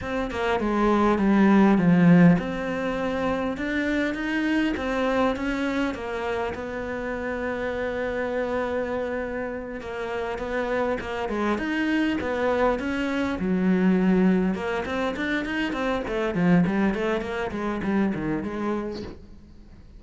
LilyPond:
\new Staff \with { instrumentName = "cello" } { \time 4/4 \tempo 4 = 101 c'8 ais8 gis4 g4 f4 | c'2 d'4 dis'4 | c'4 cis'4 ais4 b4~ | b1~ |
b8 ais4 b4 ais8 gis8 dis'8~ | dis'8 b4 cis'4 fis4.~ | fis8 ais8 c'8 d'8 dis'8 c'8 a8 f8 | g8 a8 ais8 gis8 g8 dis8 gis4 | }